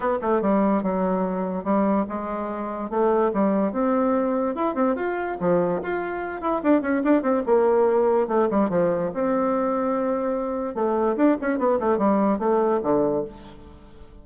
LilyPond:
\new Staff \with { instrumentName = "bassoon" } { \time 4/4 \tempo 4 = 145 b8 a8 g4 fis2 | g4 gis2 a4 | g4 c'2 e'8 c'8 | f'4 f4 f'4. e'8 |
d'8 cis'8 d'8 c'8 ais2 | a8 g8 f4 c'2~ | c'2 a4 d'8 cis'8 | b8 a8 g4 a4 d4 | }